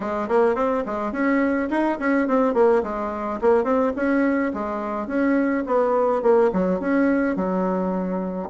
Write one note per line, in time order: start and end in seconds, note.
0.00 0.28 G#3
0.28 0.55 A#3
0.55 0.83 C4
0.86 1.12 G#3
1.12 1.69 C#4
1.70 1.98 D#4
1.99 2.27 C#4
2.27 2.54 C4
2.54 2.82 A#3
2.83 3.40 G#3
3.41 3.64 A#3
3.64 3.92 C4
3.95 4.52 C#4
4.53 5.07 G#3
5.07 5.63 C#4
5.66 6.22 B3
6.22 6.50 A#3
6.52 6.80 F#3
6.80 7.36 C#4
7.36 8.49 F#3